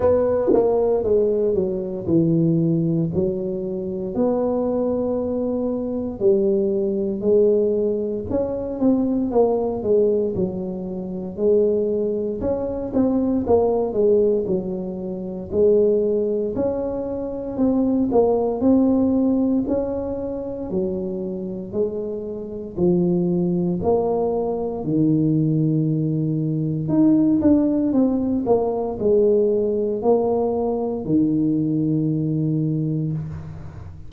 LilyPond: \new Staff \with { instrumentName = "tuba" } { \time 4/4 \tempo 4 = 58 b8 ais8 gis8 fis8 e4 fis4 | b2 g4 gis4 | cis'8 c'8 ais8 gis8 fis4 gis4 | cis'8 c'8 ais8 gis8 fis4 gis4 |
cis'4 c'8 ais8 c'4 cis'4 | fis4 gis4 f4 ais4 | dis2 dis'8 d'8 c'8 ais8 | gis4 ais4 dis2 | }